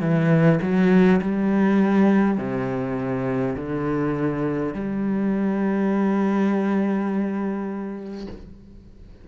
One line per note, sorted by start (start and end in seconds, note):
0.00 0.59 E3
0.61 1.20 F#3
1.21 2.37 G3
2.37 3.55 C3
3.56 4.73 D3
4.73 8.26 G3